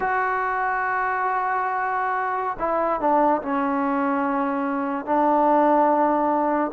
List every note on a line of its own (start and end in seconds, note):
0.00 2.57 F#4
2.59 3.00 E4
3.00 3.41 D4
3.42 5.05 C#4
5.05 6.71 D4